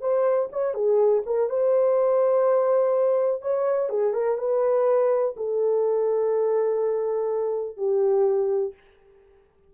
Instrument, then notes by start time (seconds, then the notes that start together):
horn
0.00 C5
0.52 C#5
0.74 G#4
1.25 A#4
1.49 C5
3.42 C#5
3.89 G#4
4.13 A#4
4.38 B4
5.36 A4
7.77 G4